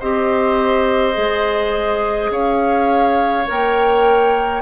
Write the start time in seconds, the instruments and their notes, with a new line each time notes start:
0.00 bassoon C4, clarinet G4, oboe C5, flute D#5
1.14 bassoon G#3, clarinet G#4
2.31 bassoon C#4, oboe C#5, flute F5
3.47 bassoon A#3, clarinet A#4, flute G5